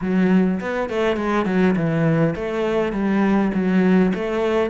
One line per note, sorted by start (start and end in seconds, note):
0.01 0.60 F#3
0.60 0.89 B3
0.89 1.16 A3
1.16 1.45 G#3
1.45 1.75 F#3
1.75 2.34 E3
2.35 2.92 A3
2.92 3.51 G3
3.54 4.13 F#3
4.14 4.70 A3